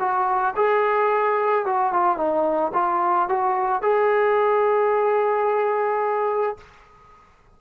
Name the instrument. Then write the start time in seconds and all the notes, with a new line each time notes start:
trombone
0.00 F#4
0.57 G#4
1.66 F#4
1.93 F4
2.17 D#4
2.74 F4
3.29 F#4
3.83 G#4